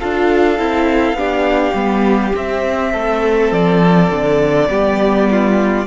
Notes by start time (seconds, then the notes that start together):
0.00 D4 F4 A4 F5
0.59 C4 E4
1.13 B3 D4 G4
1.75 G3 B3
2.35 C4 E5
2.92 A3 A4
3.52 F3 D5
4.11 D3
4.69 G3 B3 G4
5.31 F4